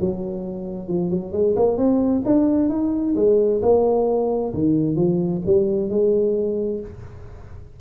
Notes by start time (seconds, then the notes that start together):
0.00 F#3
0.88 F3
1.10 F#3
1.32 G#3
1.56 A#3
1.77 C4
2.25 D4
2.69 D#4
3.15 G#3
3.62 A#3
4.54 D#3
4.96 F3
5.46 G3
5.89 G#3